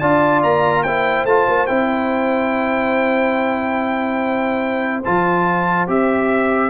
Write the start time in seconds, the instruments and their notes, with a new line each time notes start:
0.00 tuba D4, trombone F4, horn D5, trumpet A5
0.44 tuba A#3, trumpet A#5
0.83 trombone E4, horn C5, trumpet G5
1.25 tuba A3, trombone F4, trumpet A5
1.48 tuba A#3
1.67 tuba C4, trombone E4, trumpet G5
5.05 tuba F3, trombone F4, trumpet A5
5.88 tuba C4, trombone G4, trumpet E5